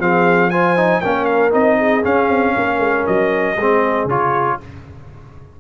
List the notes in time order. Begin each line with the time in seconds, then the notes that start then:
0.00 F3 C4 G#4 F5
0.51 F4 C5 G#5
0.77 D#4
1.01 A#3 C#4 A#4 G5
1.25 F5
1.52 C4 D#4 D#5
1.78 G#4
2.04 C#4 F5
2.30 C4
2.55 A#3 A#4
2.79 G#3
3.07 F#3 D#5
3.57 G#3 C4 G#4
4.05 C#3 F4 C#5